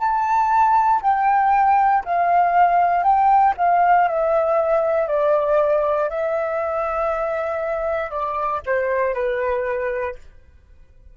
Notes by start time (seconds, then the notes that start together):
0.00 A5
1.02 G5
2.05 F5
3.03 G5
3.58 F5
4.09 E5
5.08 D5
6.10 E5
8.11 D5
8.66 C5
9.14 B4